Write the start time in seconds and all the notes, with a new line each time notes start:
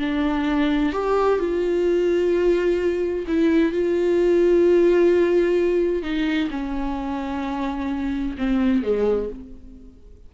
0.00 D4
0.93 G4
1.40 F4
3.28 E4
3.73 F4
6.03 D#4
6.51 C#4
8.38 C4
8.84 G#3